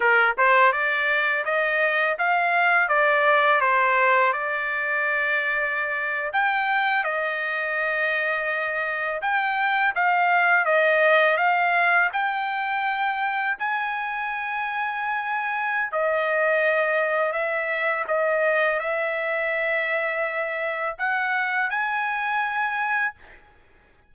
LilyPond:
\new Staff \with { instrumentName = "trumpet" } { \time 4/4 \tempo 4 = 83 ais'8 c''8 d''4 dis''4 f''4 | d''4 c''4 d''2~ | d''8. g''4 dis''2~ dis''16~ | dis''8. g''4 f''4 dis''4 f''16~ |
f''8. g''2 gis''4~ gis''16~ | gis''2 dis''2 | e''4 dis''4 e''2~ | e''4 fis''4 gis''2 | }